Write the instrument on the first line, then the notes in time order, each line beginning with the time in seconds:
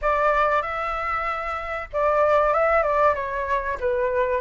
flute
0.01 D5
0.61 E5
1.92 D5
2.53 E5
2.82 D5
3.14 C#5
3.80 B4